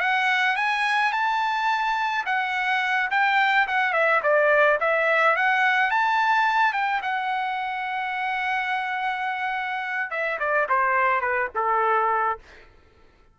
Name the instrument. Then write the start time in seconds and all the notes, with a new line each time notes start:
trumpet
0.00 F#5
0.56 G#5
1.12 A5
2.26 F#5
3.11 G5
3.67 F#5
3.93 E5
4.23 D5
4.80 E5
5.36 F#5
5.91 A5
6.73 G5
7.02 F#5
10.10 E5
10.39 D5
10.69 C5
11.21 B4
11.55 A4